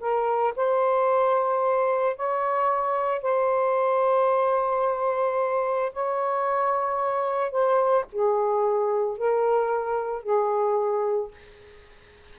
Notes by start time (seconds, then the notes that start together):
0.00 A#4
0.56 C5
2.16 C#5
3.22 C5
5.92 C#5
7.51 C5
8.12 G#4
9.18 A#4
10.23 G#4